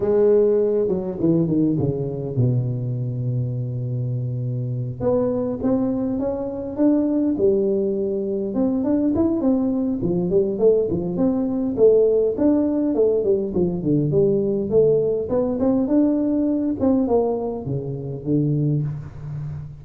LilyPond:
\new Staff \with { instrumentName = "tuba" } { \time 4/4 \tempo 4 = 102 gis4. fis8 e8 dis8 cis4 | b,1~ | b,8 b4 c'4 cis'4 d'8~ | d'8 g2 c'8 d'8 e'8 |
c'4 f8 g8 a8 f8 c'4 | a4 d'4 a8 g8 f8 d8 | g4 a4 b8 c'8 d'4~ | d'8 c'8 ais4 cis4 d4 | }